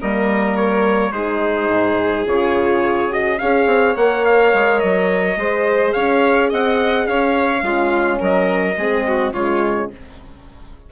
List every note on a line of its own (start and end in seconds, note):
0.00 1.11 G3
0.00 1.13 A#3
0.00 1.12 A#4
0.00 0.56 D#5
0.56 1.12 C#5
1.11 1.68 G#3
1.11 2.25 D#4
1.11 3.38 G#4
1.11 2.25 C5
1.69 2.25 G#2
2.25 3.39 C#3
2.25 3.09 F4
2.25 3.12 C#5
3.09 3.38 F#4
3.09 3.38 D#5
3.38 3.66 C#4
3.38 3.97 G#4
3.38 5.38 C#5
3.38 3.95 F5
3.66 3.94 C4
3.96 4.53 A#3
3.96 5.39 A#4
3.96 4.25 F#5
4.25 4.79 F5
4.54 4.82 G#3
4.79 5.36 F#3
4.79 5.92 D#5
5.36 5.93 G#3
5.36 7.60 G#4
5.36 5.94 C5
5.92 6.52 C#4
5.92 6.50 C#5
5.92 6.49 F5
6.50 7.07 C4
6.50 7.06 D#5
6.50 7.06 F#5
7.06 7.62 C#4
7.06 7.64 C#5
7.06 8.19 F5
7.60 8.19 G#3
7.60 8.74 C#4
7.60 8.19 F4
8.19 8.76 F#3
8.19 8.75 A#4
8.19 9.33 D#5
8.76 9.32 G#3
8.76 9.35 C4
8.76 9.06 G#4
9.07 9.33 F#4
9.32 9.89 C#3
9.32 9.91 G#3
9.32 9.90 F4
9.32 9.90 C#5